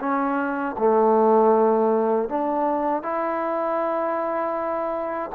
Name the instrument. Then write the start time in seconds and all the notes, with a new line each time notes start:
trombone
0.00 C#4
0.79 A3
2.29 D4
3.03 E4